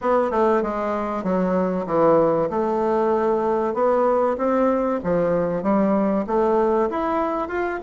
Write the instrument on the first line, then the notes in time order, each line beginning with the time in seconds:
bassoon
0.01 B3
0.31 A3
0.62 G#3
1.23 F#3
1.86 E3
2.49 A3
3.74 B3
4.37 C4
5.03 F3
5.62 G3
6.26 A3
6.90 E4
7.48 F4